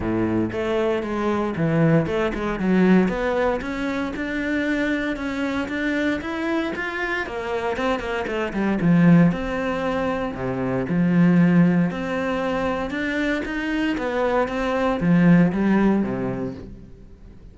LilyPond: \new Staff \with { instrumentName = "cello" } { \time 4/4 \tempo 4 = 116 a,4 a4 gis4 e4 | a8 gis8 fis4 b4 cis'4 | d'2 cis'4 d'4 | e'4 f'4 ais4 c'8 ais8 |
a8 g8 f4 c'2 | c4 f2 c'4~ | c'4 d'4 dis'4 b4 | c'4 f4 g4 c4 | }